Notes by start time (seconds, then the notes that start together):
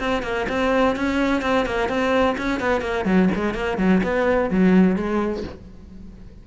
0.00 C4
0.23 A#3
0.49 C4
0.96 C#4
1.42 C4
1.66 A#3
1.89 C4
2.38 C#4
2.60 B3
2.81 A#3
3.05 F#3
3.35 G#3
3.54 A#3
3.78 F#3
4.03 B3
4.50 F#3
4.96 G#3